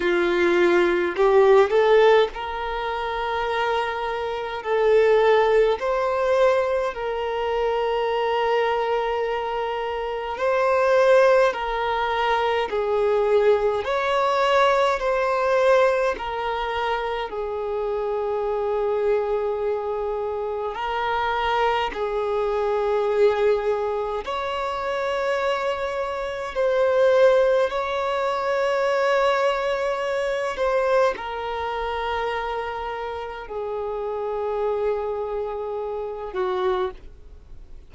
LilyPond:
\new Staff \with { instrumentName = "violin" } { \time 4/4 \tempo 4 = 52 f'4 g'8 a'8 ais'2 | a'4 c''4 ais'2~ | ais'4 c''4 ais'4 gis'4 | cis''4 c''4 ais'4 gis'4~ |
gis'2 ais'4 gis'4~ | gis'4 cis''2 c''4 | cis''2~ cis''8 c''8 ais'4~ | ais'4 gis'2~ gis'8 fis'8 | }